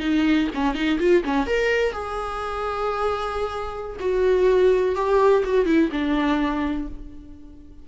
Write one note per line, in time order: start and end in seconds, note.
0.00 0.48 D#4
0.55 0.75 C#4
0.75 0.99 D#4
0.99 1.23 F4
1.25 1.46 C#4
1.46 1.93 A#4
1.93 3.97 G#4
4.00 4.95 F#4
4.95 5.43 G4
5.44 5.66 F#4
5.66 5.90 E4
5.92 6.88 D4